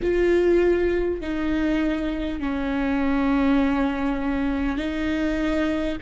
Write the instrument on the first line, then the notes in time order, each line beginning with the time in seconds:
viola
0.02 F4
1.21 D#4
2.39 C#4
4.77 D#4